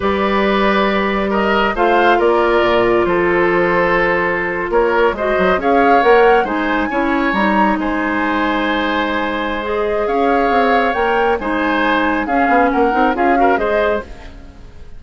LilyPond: <<
  \new Staff \with { instrumentName = "flute" } { \time 4/4 \tempo 4 = 137 d''2. dis''4 | f''4 d''2 c''4~ | c''2~ c''8. cis''4 dis''16~ | dis''8. f''4 fis''4 gis''4~ gis''16~ |
gis''8. ais''4 gis''2~ gis''16~ | gis''2 dis''4 f''4~ | f''4 g''4 gis''2 | f''4 fis''4 f''4 dis''4 | }
  \new Staff \with { instrumentName = "oboe" } { \time 4/4 b'2. ais'4 | c''4 ais'2 a'4~ | a'2~ a'8. ais'4 c''16~ | c''8. cis''2 c''4 cis''16~ |
cis''4.~ cis''16 c''2~ c''16~ | c''2. cis''4~ | cis''2 c''2 | gis'4 ais'4 gis'8 ais'8 c''4 | }
  \new Staff \with { instrumentName = "clarinet" } { \time 4/4 g'1 | f'1~ | f'2.~ f'8. fis'16~ | fis'8. gis'4 ais'4 dis'4 e'16~ |
e'8. dis'2.~ dis'16~ | dis'2 gis'2~ | gis'4 ais'4 dis'2 | cis'4. dis'8 f'8 fis'8 gis'4 | }
  \new Staff \with { instrumentName = "bassoon" } { \time 4/4 g1 | a4 ais4 ais,4 f4~ | f2~ f8. ais4 gis16~ | gis16 fis8 cis'4 ais4 gis4 cis'16~ |
cis'8. g4 gis2~ gis16~ | gis2. cis'4 | c'4 ais4 gis2 | cis'8 b8 ais8 c'8 cis'4 gis4 | }
>>